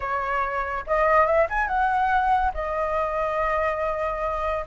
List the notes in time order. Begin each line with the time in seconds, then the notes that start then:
0.00 C#5
0.86 D#5
1.26 E5
1.49 G#5
1.67 F#5
2.54 D#5